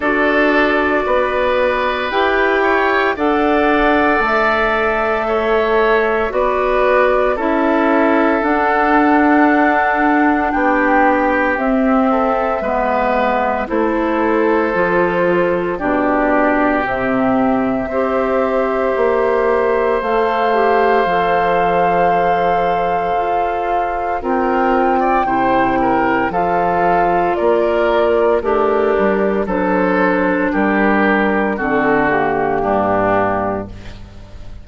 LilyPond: <<
  \new Staff \with { instrumentName = "flute" } { \time 4/4 \tempo 4 = 57 d''2 g''4 fis''4 | e''2 d''4 e''4 | fis''2 g''4 e''4~ | e''4 c''2 d''4 |
e''2. f''4~ | f''2. g''4~ | g''4 f''4 d''4 ais'4 | c''4 ais'4 a'8 g'4. | }
  \new Staff \with { instrumentName = "oboe" } { \time 4/4 a'4 b'4. cis''8 d''4~ | d''4 cis''4 b'4 a'4~ | a'2 g'4. a'8 | b'4 a'2 g'4~ |
g'4 c''2.~ | c''2. ais'8. d''16 | c''8 ais'8 a'4 ais'4 d'4 | a'4 g'4 fis'4 d'4 | }
  \new Staff \with { instrumentName = "clarinet" } { \time 4/4 fis'2 g'4 a'4~ | a'2 fis'4 e'4 | d'2. c'4 | b4 e'4 f'4 d'4 |
c'4 g'2 a'8 g'8 | a'2. f'4 | e'4 f'2 g'4 | d'2 c'8 ais4. | }
  \new Staff \with { instrumentName = "bassoon" } { \time 4/4 d'4 b4 e'4 d'4 | a2 b4 cis'4 | d'2 b4 c'4 | gis4 a4 f4 b,4 |
c4 c'4 ais4 a4 | f2 f'4 c'4 | c4 f4 ais4 a8 g8 | fis4 g4 d4 g,4 | }
>>